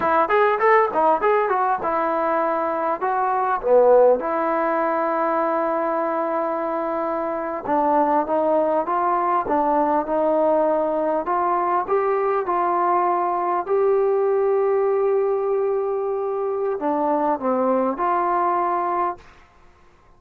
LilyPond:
\new Staff \with { instrumentName = "trombone" } { \time 4/4 \tempo 4 = 100 e'8 gis'8 a'8 dis'8 gis'8 fis'8 e'4~ | e'4 fis'4 b4 e'4~ | e'1~ | e'8. d'4 dis'4 f'4 d'16~ |
d'8. dis'2 f'4 g'16~ | g'8. f'2 g'4~ g'16~ | g'1 | d'4 c'4 f'2 | }